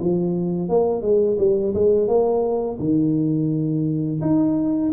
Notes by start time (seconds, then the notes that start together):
0.00 F3
0.69 A#3
1.02 G#3
1.39 G3
1.75 G#3
2.08 A#3
2.79 D#3
4.22 D#4